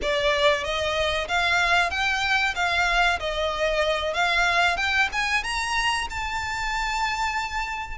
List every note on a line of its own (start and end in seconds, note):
0.02 0.64 D5
0.64 1.27 D#5
1.28 1.90 F5
1.90 2.54 G5
2.55 3.19 F5
3.19 4.13 D#5
4.13 4.77 F5
4.77 5.09 G5
5.12 5.43 G#5
5.43 6.07 A#5
6.10 7.98 A5